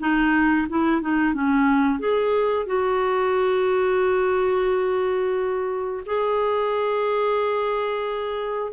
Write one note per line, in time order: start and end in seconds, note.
0.00 0.67 D#4
0.69 1.02 E4
1.02 1.34 D#4
1.34 1.99 C#4
1.99 2.66 G#4
2.66 6.03 F#4
6.06 8.72 G#4